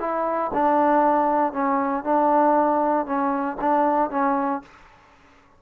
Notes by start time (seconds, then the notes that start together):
0.00 E4
0.54 D4
1.53 C#4
2.04 D4
3.06 C#4
3.61 D4
4.11 C#4